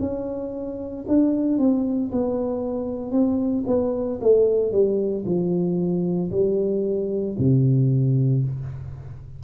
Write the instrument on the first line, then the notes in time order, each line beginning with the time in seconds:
tuba
0.00 C#4
1.08 D4
1.58 C4
2.12 B3
3.11 C4
3.67 B3
4.21 A3
4.72 G3
5.26 F3
6.32 G3
7.39 C3